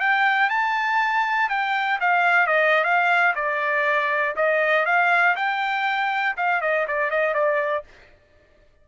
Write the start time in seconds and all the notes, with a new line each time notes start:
0.00 G5
0.50 A5
1.50 G5
2.01 F5
2.47 D#5
2.84 F5
3.35 D5
4.36 D#5
4.86 F5
5.36 G5
6.37 F5
6.62 D#5
6.88 D5
7.10 D#5
7.34 D5